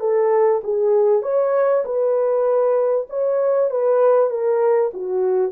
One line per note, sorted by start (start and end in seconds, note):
0.00 0.61 A4
0.63 1.22 G#4
1.22 1.84 C#5
1.85 3.07 B4
3.09 3.70 C#5
3.70 4.30 B4
4.30 4.91 A#4
4.93 5.52 F#4